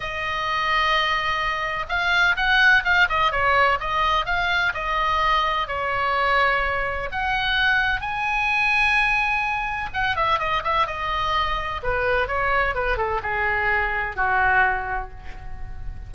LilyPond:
\new Staff \with { instrumentName = "oboe" } { \time 4/4 \tempo 4 = 127 dis''1 | f''4 fis''4 f''8 dis''8 cis''4 | dis''4 f''4 dis''2 | cis''2. fis''4~ |
fis''4 gis''2.~ | gis''4 fis''8 e''8 dis''8 e''8 dis''4~ | dis''4 b'4 cis''4 b'8 a'8 | gis'2 fis'2 | }